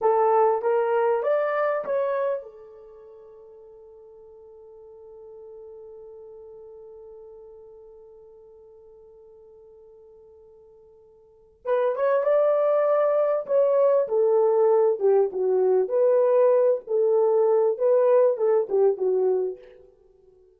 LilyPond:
\new Staff \with { instrumentName = "horn" } { \time 4/4 \tempo 4 = 98 a'4 ais'4 d''4 cis''4 | a'1~ | a'1~ | a'1~ |
a'2. b'8 cis''8 | d''2 cis''4 a'4~ | a'8 g'8 fis'4 b'4. a'8~ | a'4 b'4 a'8 g'8 fis'4 | }